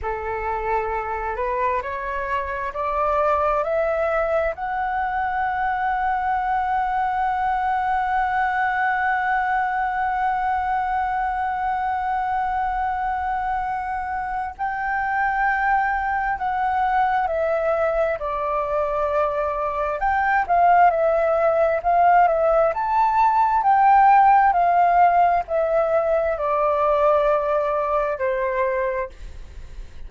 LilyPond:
\new Staff \with { instrumentName = "flute" } { \time 4/4 \tempo 4 = 66 a'4. b'8 cis''4 d''4 | e''4 fis''2.~ | fis''1~ | fis''1 |
g''2 fis''4 e''4 | d''2 g''8 f''8 e''4 | f''8 e''8 a''4 g''4 f''4 | e''4 d''2 c''4 | }